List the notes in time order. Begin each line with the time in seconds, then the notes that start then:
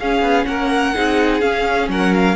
0.00 C#4 G#4 F5
0.22 B3
0.46 A#3 A#4 F#5
0.95 C4 D#4 G#4
1.41 C#4 F5
1.88 F#3 A#4 F#5
2.15 F5